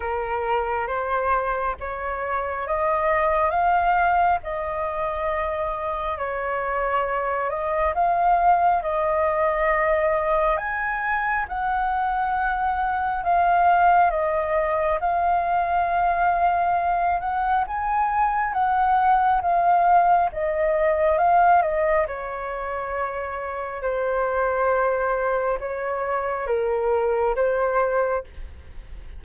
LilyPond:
\new Staff \with { instrumentName = "flute" } { \time 4/4 \tempo 4 = 68 ais'4 c''4 cis''4 dis''4 | f''4 dis''2 cis''4~ | cis''8 dis''8 f''4 dis''2 | gis''4 fis''2 f''4 |
dis''4 f''2~ f''8 fis''8 | gis''4 fis''4 f''4 dis''4 | f''8 dis''8 cis''2 c''4~ | c''4 cis''4 ais'4 c''4 | }